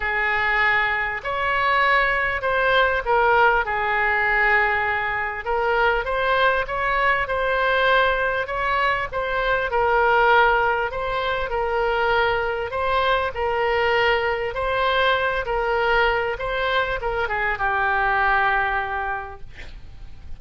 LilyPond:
\new Staff \with { instrumentName = "oboe" } { \time 4/4 \tempo 4 = 99 gis'2 cis''2 | c''4 ais'4 gis'2~ | gis'4 ais'4 c''4 cis''4 | c''2 cis''4 c''4 |
ais'2 c''4 ais'4~ | ais'4 c''4 ais'2 | c''4. ais'4. c''4 | ais'8 gis'8 g'2. | }